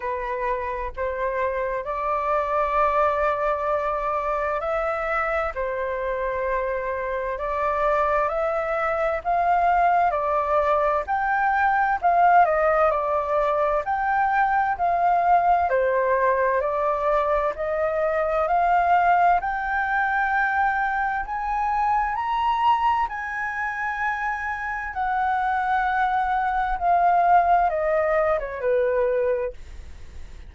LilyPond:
\new Staff \with { instrumentName = "flute" } { \time 4/4 \tempo 4 = 65 b'4 c''4 d''2~ | d''4 e''4 c''2 | d''4 e''4 f''4 d''4 | g''4 f''8 dis''8 d''4 g''4 |
f''4 c''4 d''4 dis''4 | f''4 g''2 gis''4 | ais''4 gis''2 fis''4~ | fis''4 f''4 dis''8. cis''16 b'4 | }